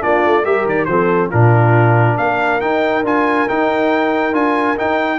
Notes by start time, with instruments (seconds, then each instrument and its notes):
0.00 tuba A#3, trombone D4, horn F4, trumpet D5
0.25 tuba A3
0.44 tuba G3, trombone G4, horn A#4, trumpet E5
0.65 tuba D#3, trumpet D5
0.85 tuba F3, trombone C4, horn A4, trumpet C5
1.30 tuba A#2, trombone D4, horn F4, trumpet A#4
2.17 tuba A#3, horn A#4, trumpet F5
2.61 trombone D#4, tuba D#4, trumpet G5
3.03 tuba D4, trombone F4, trumpet G#5
3.48 trombone D#4, tuba D#4, trumpet G5
4.33 tuba D4, trombone F4, trumpet G#5
4.77 trombone D#4, tuba D#4, trumpet G5